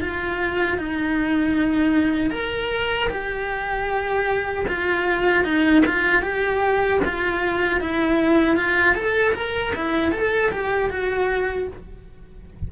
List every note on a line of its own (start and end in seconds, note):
0.00 0.78 F4
0.78 2.30 D#4
2.30 3.08 A#4
3.09 4.65 G4
4.67 5.44 F4
5.44 5.83 D#4
5.85 6.22 F4
6.22 7.00 G4
7.04 7.80 F4
7.80 8.56 E4
8.56 8.94 F4
8.94 9.33 A4
9.34 9.73 A#4
9.75 10.11 E4
10.11 10.50 A4
10.51 10.89 G4
10.89 11.67 F#4